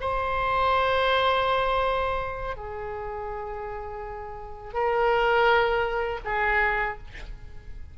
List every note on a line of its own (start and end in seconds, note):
0.00 2.56 C5
2.56 4.73 G#4
4.73 6.20 A#4
6.25 6.98 G#4